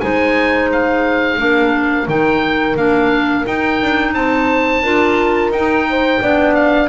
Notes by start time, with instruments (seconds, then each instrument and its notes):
0.00 double bass G#3, clarinet D#4, horn C5, oboe G#5
0.72 oboe F5
1.38 double bass A#3, clarinet D4, horn A#4
2.08 double bass D#3, clarinet D#4, oboe G5
2.76 double bass A#3, clarinet D4, oboe F5
3.45 clarinet D#4, double bass D#4, oboe G5
3.82 double bass D4
4.14 double bass C4, horn C5, oboe A5
4.83 double bass D4, clarinet F4, horn A#4
5.50 double bass D#4, clarinet D#4, oboe G5
5.89 horn C5
6.21 double bass B3, clarinet D4, horn D5
6.54 oboe F5